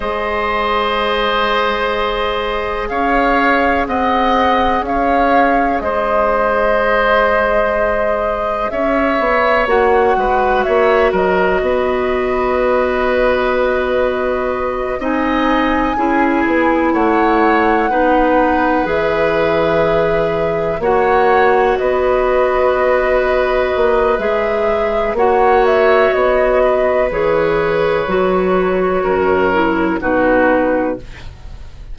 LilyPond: <<
  \new Staff \with { instrumentName = "flute" } { \time 4/4 \tempo 4 = 62 dis''2. f''4 | fis''4 f''4 dis''2~ | dis''4 e''4 fis''4 e''8 dis''8~ | dis''2.~ dis''8 gis''8~ |
gis''4. fis''2 e''8~ | e''4. fis''4 dis''4.~ | dis''4 e''4 fis''8 e''8 dis''4 | cis''2. b'4 | }
  \new Staff \with { instrumentName = "oboe" } { \time 4/4 c''2. cis''4 | dis''4 cis''4 c''2~ | c''4 cis''4. b'8 cis''8 ais'8 | b'2.~ b'8 dis''8~ |
dis''8 gis'4 cis''4 b'4.~ | b'4. cis''4 b'4.~ | b'2 cis''4. b'8~ | b'2 ais'4 fis'4 | }
  \new Staff \with { instrumentName = "clarinet" } { \time 4/4 gis'1~ | gis'1~ | gis'2 fis'2~ | fis'2.~ fis'8 dis'8~ |
dis'8 e'2 dis'4 gis'8~ | gis'4. fis'2~ fis'8~ | fis'4 gis'4 fis'2 | gis'4 fis'4. e'8 dis'4 | }
  \new Staff \with { instrumentName = "bassoon" } { \time 4/4 gis2. cis'4 | c'4 cis'4 gis2~ | gis4 cis'8 b8 ais8 gis8 ais8 fis8 | b2.~ b8 c'8~ |
c'8 cis'8 b8 a4 b4 e8~ | e4. ais4 b4.~ | b8 ais8 gis4 ais4 b4 | e4 fis4 fis,4 b,4 | }
>>